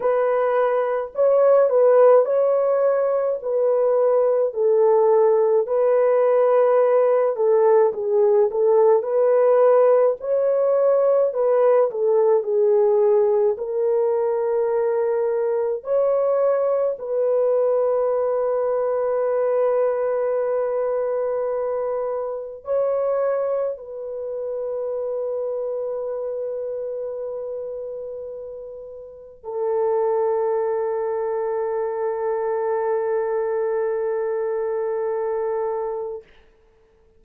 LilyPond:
\new Staff \with { instrumentName = "horn" } { \time 4/4 \tempo 4 = 53 b'4 cis''8 b'8 cis''4 b'4 | a'4 b'4. a'8 gis'8 a'8 | b'4 cis''4 b'8 a'8 gis'4 | ais'2 cis''4 b'4~ |
b'1 | cis''4 b'2.~ | b'2 a'2~ | a'1 | }